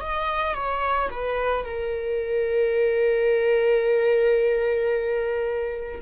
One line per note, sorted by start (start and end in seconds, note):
0.00 0.55 D#5
0.55 1.09 C#5
1.10 1.65 B4
1.65 6.01 A#4